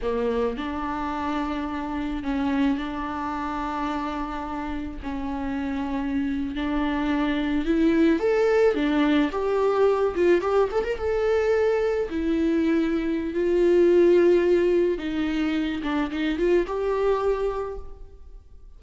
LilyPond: \new Staff \with { instrumentName = "viola" } { \time 4/4 \tempo 4 = 108 ais4 d'2. | cis'4 d'2.~ | d'4 cis'2~ cis'8. d'16~ | d'4.~ d'16 e'4 a'4 d'16~ |
d'8. g'4. f'8 g'8 a'16 ais'16 a'16~ | a'4.~ a'16 e'2~ e'16 | f'2. dis'4~ | dis'8 d'8 dis'8 f'8 g'2 | }